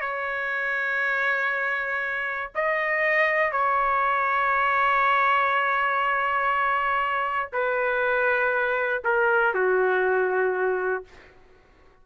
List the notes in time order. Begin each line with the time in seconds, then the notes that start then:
0.00 C#5
2.55 D#5
3.52 C#5
7.52 B4
9.04 A#4
9.54 F#4